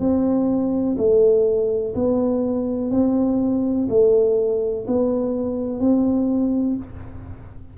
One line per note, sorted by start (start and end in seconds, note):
0.00 0.97 C4
0.98 1.95 A3
1.95 2.91 B3
2.91 3.88 C4
3.89 4.86 A3
4.87 5.80 B3
5.80 6.77 C4